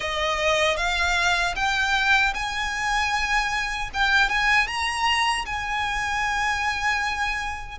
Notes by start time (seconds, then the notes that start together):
0.00 D#5
0.77 F5
1.55 G5
2.34 G#5
3.93 G5
4.29 G#5
4.67 A#5
5.45 G#5